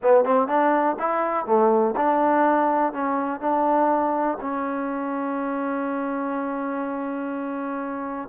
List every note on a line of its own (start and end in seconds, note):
0.02 0.24 B3
0.24 0.47 C4
0.47 0.96 D4
0.99 1.45 E4
1.45 1.94 A3
1.96 2.92 D4
2.92 3.40 C#4
3.40 4.38 D4
4.41 8.28 C#4